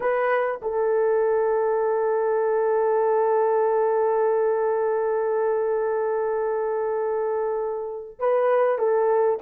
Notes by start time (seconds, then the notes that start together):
0.00 B4
0.62 A4
8.19 B4
8.78 A4